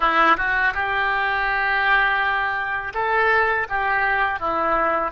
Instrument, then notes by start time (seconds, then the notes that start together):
oboe
0.00 E4
0.37 F#4
0.74 G4
2.94 A4
3.69 G4
4.39 E4